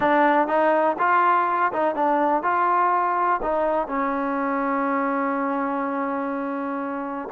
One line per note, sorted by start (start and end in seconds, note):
0.00 0.47 D4
0.47 0.96 D#4
0.99 1.72 F4
1.72 1.95 D#4
1.95 2.42 D4
2.42 3.40 F4
3.42 3.87 D#4
3.87 7.29 C#4